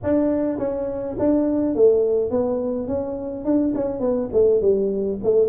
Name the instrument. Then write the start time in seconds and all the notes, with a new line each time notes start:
tuba
0.03 D4
0.58 C#4
1.19 D4
1.75 A3
2.30 B3
2.87 C#4
3.44 D4
3.74 C#4
4.00 B3
4.33 A3
4.61 G3
5.23 A3